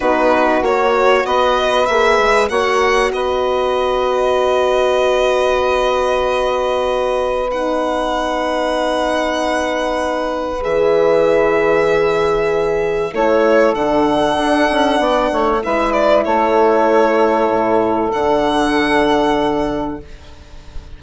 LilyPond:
<<
  \new Staff \with { instrumentName = "violin" } { \time 4/4 \tempo 4 = 96 b'4 cis''4 dis''4 e''4 | fis''4 dis''2.~ | dis''1 | fis''1~ |
fis''4 e''2.~ | e''4 cis''4 fis''2~ | fis''4 e''8 d''8 cis''2~ | cis''4 fis''2. | }
  \new Staff \with { instrumentName = "saxophone" } { \time 4/4 fis'2 b'2 | cis''4 b'2.~ | b'1~ | b'1~ |
b'1~ | b'4 a'2. | d''8 cis''8 b'4 a'2~ | a'1 | }
  \new Staff \with { instrumentName = "horn" } { \time 4/4 dis'4 fis'2 gis'4 | fis'1~ | fis'1 | dis'1~ |
dis'4 gis'2.~ | gis'4 e'4 d'2~ | d'4 e'2.~ | e'4 d'2. | }
  \new Staff \with { instrumentName = "bassoon" } { \time 4/4 b4 ais4 b4 ais8 gis8 | ais4 b2.~ | b1~ | b1~ |
b4 e2.~ | e4 a4 d4 d'8 cis'8 | b8 a8 gis4 a2 | a,4 d2. | }
>>